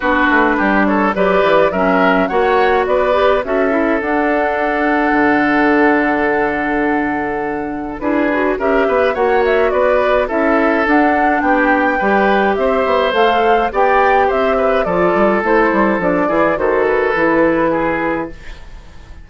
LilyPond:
<<
  \new Staff \with { instrumentName = "flute" } { \time 4/4 \tempo 4 = 105 b'4. cis''8 d''4 e''4 | fis''4 d''4 e''4 fis''4~ | fis''1~ | fis''2 b'4 e''4 |
fis''8 e''8 d''4 e''4 fis''4 | g''2 e''4 f''4 | g''4 e''4 d''4 c''4 | d''4 c''8 b'2~ b'8 | }
  \new Staff \with { instrumentName = "oboe" } { \time 4/4 fis'4 g'8 a'8 b'4 ais'4 | cis''4 b'4 a'2~ | a'1~ | a'2 gis'4 ais'8 b'8 |
cis''4 b'4 a'2 | g'4 b'4 c''2 | d''4 c''8 b'8 a'2~ | a'8 gis'8 a'2 gis'4 | }
  \new Staff \with { instrumentName = "clarinet" } { \time 4/4 d'2 g'4 cis'4 | fis'4. g'8 fis'8 e'8 d'4~ | d'1~ | d'2 e'8 fis'8 g'4 |
fis'2 e'4 d'4~ | d'4 g'2 a'4 | g'2 f'4 e'4 | d'8 e'8 fis'4 e'2 | }
  \new Staff \with { instrumentName = "bassoon" } { \time 4/4 b8 a8 g4 fis8 e8 fis4 | ais4 b4 cis'4 d'4~ | d'4 d2.~ | d2 d'4 cis'8 b8 |
ais4 b4 cis'4 d'4 | b4 g4 c'8 b8 a4 | b4 c'4 f8 g8 a8 g8 | f8 e8 dis4 e2 | }
>>